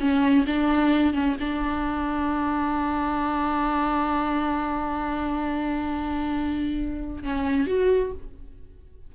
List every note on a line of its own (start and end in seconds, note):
0.00 0.45 C#4
0.47 1.14 D4
1.14 1.37 C#4
1.40 7.23 D4
7.23 7.67 C#4
7.67 8.12 F#4